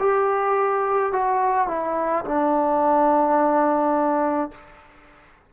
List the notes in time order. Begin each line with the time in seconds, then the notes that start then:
0.00 G4
1.13 F#4
1.68 E4
2.25 D4